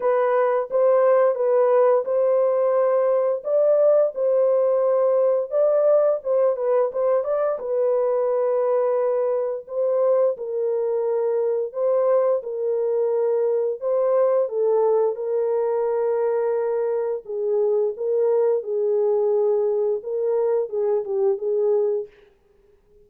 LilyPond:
\new Staff \with { instrumentName = "horn" } { \time 4/4 \tempo 4 = 87 b'4 c''4 b'4 c''4~ | c''4 d''4 c''2 | d''4 c''8 b'8 c''8 d''8 b'4~ | b'2 c''4 ais'4~ |
ais'4 c''4 ais'2 | c''4 a'4 ais'2~ | ais'4 gis'4 ais'4 gis'4~ | gis'4 ais'4 gis'8 g'8 gis'4 | }